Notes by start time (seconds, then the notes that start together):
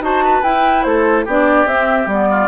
0.00 D#4 F#4 C5 A5
0.24 B4
0.43 E4 G5
0.83 A3 A4 C5
1.25 B3 D4 G4 D5
1.65 C4 E5
2.06 G3 B3 D5
2.30 F4